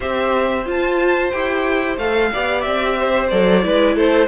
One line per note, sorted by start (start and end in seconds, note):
0.00 0.66 C4
0.00 0.63 G4
0.00 2.31 C5
0.00 0.67 E5
0.65 1.31 F4
0.65 1.30 A5
1.30 1.97 E4
1.30 1.98 G4
1.30 1.96 G5
1.97 2.30 A3
1.97 2.33 A4
1.97 2.61 F5
2.32 2.66 B3
2.32 3.31 G4
2.32 2.98 D5
2.61 3.31 C4
2.61 3.27 E5
2.99 3.65 C5
3.29 3.64 F#3
3.29 3.62 A4
3.29 3.95 D5
3.62 3.95 G#3
3.62 4.27 E4
3.62 3.95 B4
3.95 4.28 A3
3.95 4.28 A4
3.95 4.28 C5